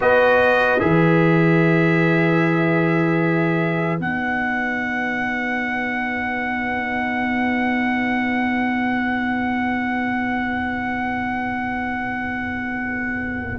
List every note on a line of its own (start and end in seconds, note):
0.00 0.81 B3
0.00 0.80 F#4
0.00 13.58 B4
0.00 0.79 D#5
0.79 3.99 E3
0.79 4.00 G#4
0.79 3.99 E5
3.99 13.58 B3
3.99 13.58 D#4
3.99 13.58 F#5